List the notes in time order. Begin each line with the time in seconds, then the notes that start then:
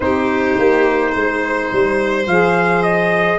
0.00 C4 D#4 G4 C5
0.58 A#3
1.11 G#3 C5
1.72 G3
2.26 F3 G#4 F5
2.83 D#5